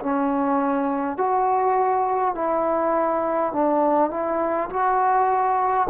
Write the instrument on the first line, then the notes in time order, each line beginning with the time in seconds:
trombone
0.00 C#4
1.18 F#4
2.35 E4
3.53 D4
4.11 E4
4.70 F#4